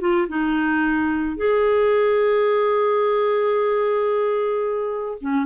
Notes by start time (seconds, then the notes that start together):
0.00 F4
0.28 D#4
1.36 G#4
5.21 C#4